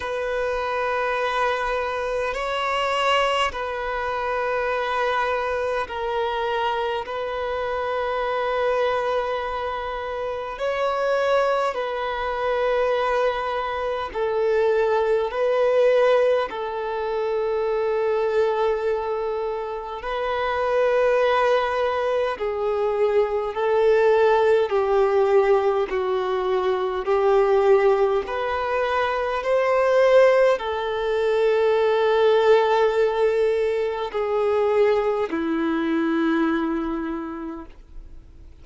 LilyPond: \new Staff \with { instrumentName = "violin" } { \time 4/4 \tempo 4 = 51 b'2 cis''4 b'4~ | b'4 ais'4 b'2~ | b'4 cis''4 b'2 | a'4 b'4 a'2~ |
a'4 b'2 gis'4 | a'4 g'4 fis'4 g'4 | b'4 c''4 a'2~ | a'4 gis'4 e'2 | }